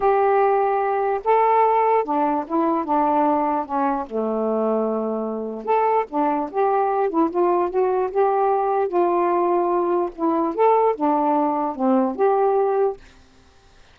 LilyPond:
\new Staff \with { instrumentName = "saxophone" } { \time 4/4 \tempo 4 = 148 g'2. a'4~ | a'4 d'4 e'4 d'4~ | d'4 cis'4 a2~ | a2 a'4 d'4 |
g'4. e'8 f'4 fis'4 | g'2 f'2~ | f'4 e'4 a'4 d'4~ | d'4 c'4 g'2 | }